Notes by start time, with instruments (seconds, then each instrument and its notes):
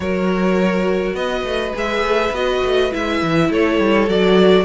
0.00 cello F#3, viola F#4, violin A#4 C#5
1.14 cello B3, violin B4 D#5
1.44 cello A3
1.74 cello G#3, viola G#4, violin E5
2.01 cello A3
2.31 cello B3, viola F#4, violin D#5
2.63 cello A3
2.91 cello G#3, viola E4, violin E5
3.22 cello E3
3.49 cello A3, violin A4 C#5
3.78 cello G3
4.07 cello F#3, viola F#4, violin D5